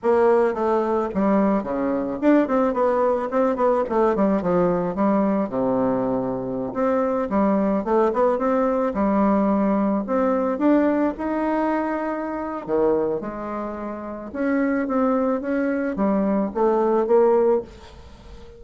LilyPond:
\new Staff \with { instrumentName = "bassoon" } { \time 4/4 \tempo 4 = 109 ais4 a4 g4 cis4 | d'8 c'8 b4 c'8 b8 a8 g8 | f4 g4 c2~ | c16 c'4 g4 a8 b8 c'8.~ |
c'16 g2 c'4 d'8.~ | d'16 dis'2~ dis'8. dis4 | gis2 cis'4 c'4 | cis'4 g4 a4 ais4 | }